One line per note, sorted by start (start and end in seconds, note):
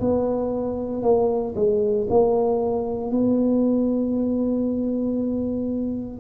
0.00 1.03 B3
1.03 1.54 A#3
1.55 2.07 G#3
2.09 3.10 A#3
3.10 6.20 B3